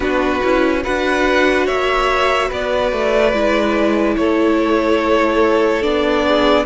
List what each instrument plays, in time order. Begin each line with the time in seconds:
0.00 cello B3, viola D4, violin F#4 B4
0.43 cello C#4, viola E4
0.83 cello D4, viola F#4, violin B4 F#5
1.66 cello A#3, violin C#5 E5
2.48 cello B3, violin B4 D5
2.91 cello A3
3.32 cello G#3, viola E4
4.16 cello A3, violin A4 C#5
5.82 cello B3, viola D4, violin D5
6.26 violin G#4